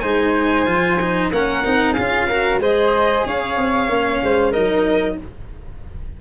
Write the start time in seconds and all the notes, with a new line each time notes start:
0.00 G#3 D#4 C5 G#5
0.67 F3 F4
1.01 D#4
1.32 A#3 C#4 A#4 F#5
1.65 C4 D#4
1.93 C#4 F4 G#4 F5
2.28 F#4 A#4
2.60 G#3 G#4 C5 D#5
3.26 C#4 C#5 F5
3.57 C4
3.89 A#3 C#4
4.24 G#3 C5
4.52 F#3 D#4 A#4 D#5